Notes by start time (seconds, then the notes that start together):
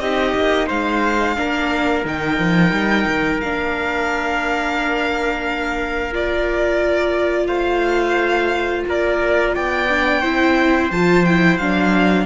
0.00 C4 D#4 G4 D#5
0.35 A#3
0.67 G#3 C5 F5
1.37 A#3 D4 A#4
2.05 D#3 D#4 G5
2.39 F3
2.72 G3
3.08 D#3
3.41 A#3 D4 F5
6.12 F4 D5
7.47 A3 C5 F5
8.87 A#3 A#4 D5
9.55 B3 D5 G5
9.89 D4
10.21 C4 E4 C5
10.91 F3 F4 A5
11.25 E4 G5
11.58 F#3 D4 F5